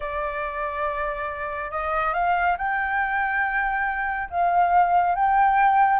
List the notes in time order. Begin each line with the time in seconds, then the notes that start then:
0.00 D5
1.70 D#5
2.13 F5
2.57 G5
4.30 F5
5.15 G5